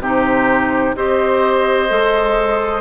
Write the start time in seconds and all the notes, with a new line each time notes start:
0.00 C3 D#4 G4 C5
0.96 C4 G4 C5 D#5
1.89 G#3 A4